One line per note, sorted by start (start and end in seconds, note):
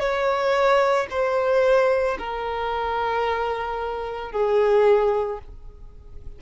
0.00 1.07 C#5
1.11 2.18 C5
2.19 4.32 A#4
4.32 5.39 G#4